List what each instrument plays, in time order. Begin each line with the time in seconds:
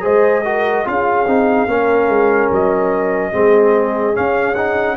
0.00 tuba G#3, trombone G#4, horn C5, trumpet D#5
0.44 trombone F#4, horn A#4
0.84 tuba C#4, trombone F4, horn G#4, trumpet F5
1.26 tuba C4, trombone D#4
1.67 tuba A#3, trombone C#4, horn A#4
2.08 tuba G#3
2.51 tuba F#3, trumpet D#5
3.31 tuba G#3, trombone C4, horn G#4
4.13 trombone C#4, tuba C#4, trumpet F5
4.54 trombone D#4, trumpet F#5